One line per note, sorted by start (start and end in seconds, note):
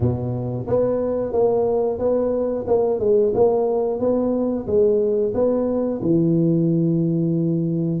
0.00 0.67 B2
0.67 1.32 B3
1.32 1.98 A#3
1.98 2.65 B3
2.67 2.99 A#3
2.99 3.32 G#3
3.34 3.99 A#3
3.99 4.66 B3
4.66 5.33 G#3
5.34 6.01 B3
6.02 8.00 E3